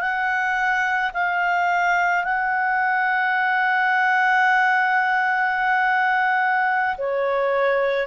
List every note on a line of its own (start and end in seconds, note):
0.00 1.11 F#5
1.14 2.25 F5
2.25 6.97 F#5
6.98 8.08 C#5